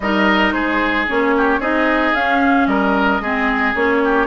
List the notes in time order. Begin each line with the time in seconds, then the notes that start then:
0.00 G3 D#4 A#4 D#5
0.52 G#3 G#4 C5
1.08 A#3 C#4 C#5
1.37 G4
1.59 C4 D#4 G#4 D#5
2.14 C#4 F5
2.66 G3 A#4 D#5
3.20 G#3 C4 G#4
3.74 A#3 C#4 C#5
4.04 G4